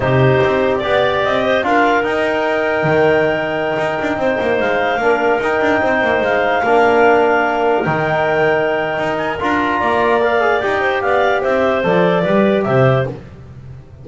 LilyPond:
<<
  \new Staff \with { instrumentName = "clarinet" } { \time 4/4 \tempo 4 = 147 c''2 d''4 dis''4 | f''4 g''2.~ | g''2.~ g''16 f''8.~ | f''4~ f''16 g''2 f''8.~ |
f''2.~ f''16 g''8.~ | g''2~ g''8 gis''8 ais''4~ | ais''4 f''4 g''4 f''4 | e''4 d''2 e''4 | }
  \new Staff \with { instrumentName = "clarinet" } { \time 4/4 g'2 d''4. c''8 | ais'1~ | ais'2~ ais'16 c''4.~ c''16~ | c''16 ais'2 c''4.~ c''16~ |
c''16 ais'2.~ ais'8.~ | ais'1 | d''2~ d''8 c''8 d''4 | c''2 b'4 c''4 | }
  \new Staff \with { instrumentName = "trombone" } { \time 4/4 dis'2 g'2 | f'4 dis'2.~ | dis'1~ | dis'16 d'4 dis'2~ dis'8.~ |
dis'16 d'2. dis'8.~ | dis'2. f'4~ | f'4 ais'8 gis'8 g'2~ | g'4 a'4 g'2 | }
  \new Staff \with { instrumentName = "double bass" } { \time 4/4 c4 c'4 b4 c'4 | d'4 dis'2 dis4~ | dis4~ dis16 dis'8 d'8 c'8 ais8 gis8.~ | gis16 ais4 dis'8 d'8 c'8 ais8 gis8.~ |
gis16 ais2. dis8.~ | dis2 dis'4 d'4 | ais2 dis'4 b4 | c'4 f4 g4 c4 | }
>>